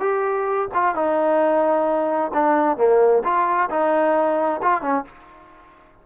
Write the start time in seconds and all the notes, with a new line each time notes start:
0.00 G4
0.74 F4
0.95 D#4
2.33 D4
2.77 A#3
3.24 F4
3.70 D#4
4.62 F4
4.82 C#4